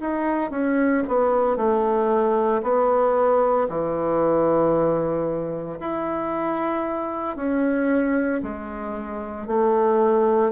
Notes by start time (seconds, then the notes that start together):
0.00 D#4
0.51 C#4
1.08 B3
1.56 A3
2.63 B3
3.68 E3
5.79 E4
7.36 C#4
8.43 G#3
9.47 A3